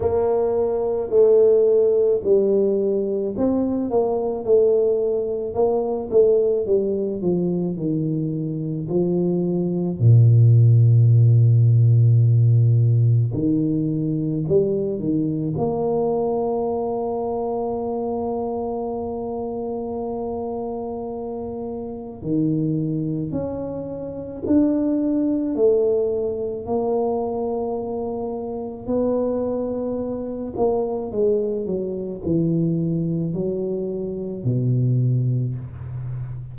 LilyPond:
\new Staff \with { instrumentName = "tuba" } { \time 4/4 \tempo 4 = 54 ais4 a4 g4 c'8 ais8 | a4 ais8 a8 g8 f8 dis4 | f4 ais,2. | dis4 g8 dis8 ais2~ |
ais1 | dis4 cis'4 d'4 a4 | ais2 b4. ais8 | gis8 fis8 e4 fis4 b,4 | }